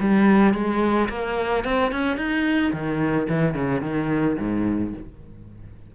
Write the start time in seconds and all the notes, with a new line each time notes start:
0.00 G3
0.54 G#3
1.09 A#3
1.64 C4
1.92 C#4
2.17 D#4
2.72 D#3
3.29 E3
3.54 C#3
3.81 D#3
4.39 G#2